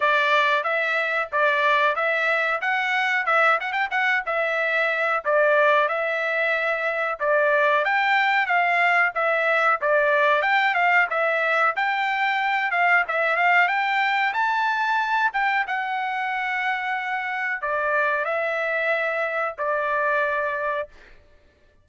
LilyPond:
\new Staff \with { instrumentName = "trumpet" } { \time 4/4 \tempo 4 = 92 d''4 e''4 d''4 e''4 | fis''4 e''8 fis''16 g''16 fis''8 e''4. | d''4 e''2 d''4 | g''4 f''4 e''4 d''4 |
g''8 f''8 e''4 g''4. f''8 | e''8 f''8 g''4 a''4. g''8 | fis''2. d''4 | e''2 d''2 | }